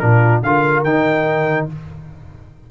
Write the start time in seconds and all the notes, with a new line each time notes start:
0.00 A#2 D4 F4 A#4
0.43 D3 F4 A#4 F5
0.84 D#3 D#4 G5